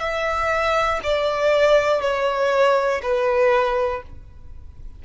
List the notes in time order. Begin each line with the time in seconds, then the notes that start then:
0.00 E5
1.03 D5
2.02 C#5
3.03 B4